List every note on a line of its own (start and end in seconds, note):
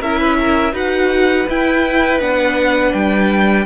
0.00 0.72 C#4
0.00 0.73 E4
0.00 0.19 A#4
0.00 0.74 E5
0.19 0.37 B4
0.39 0.73 A#4
0.72 1.46 D#4
0.72 1.46 F#4
0.72 3.65 B4
0.72 1.48 F#5
1.49 2.20 E4
1.49 2.20 G5
2.20 2.93 B3
2.20 3.66 D4
2.20 2.93 F#5
2.93 3.66 G3
2.93 3.66 G5